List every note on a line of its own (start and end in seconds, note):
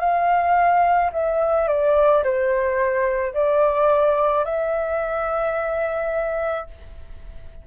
0.00 1.11 F5
1.13 1.68 E5
1.68 2.24 D5
2.24 3.34 C5
3.34 4.45 D5
4.45 6.67 E5